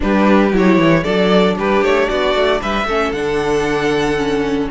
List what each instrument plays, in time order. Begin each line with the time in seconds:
0.00 cello G3, viola D4, violin G4 B4
0.52 cello F#3, viola E4, violin C#5
0.77 cello E3
1.03 cello F#3, viola D4, violin A4 D5
1.58 cello G3, violin G4 B4
1.82 cello A3, violin C#5
2.08 cello B3, violin F#4 D5
2.35 cello A3
2.60 cello G3, violin B4 E5
2.84 cello A3, viola C#4, violin A4
3.11 cello D3, viola D4, violin F#5
4.17 viola C#4